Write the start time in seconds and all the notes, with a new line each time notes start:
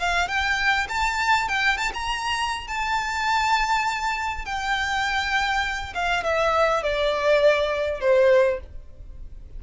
0.00 F5
0.28 G5
0.89 A5
1.49 G5
1.77 A5
1.94 A#5
2.68 A5
4.46 G5
5.95 F5
6.24 E5
6.83 D5
8.01 C5